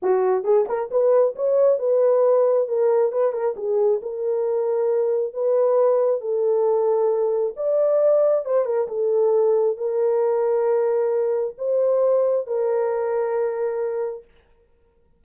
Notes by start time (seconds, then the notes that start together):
0.02 F#4
0.43 G#4
0.68 A#4
0.91 B4
1.35 C#5
1.79 B4
2.67 A#4
3.12 B4
3.32 A#4
3.56 G#4
4.01 A#4
5.33 B4
6.20 A4
7.56 D5
8.45 C5
8.65 A#4
8.88 A4
9.77 A#4
11.58 C5
12.46 A#4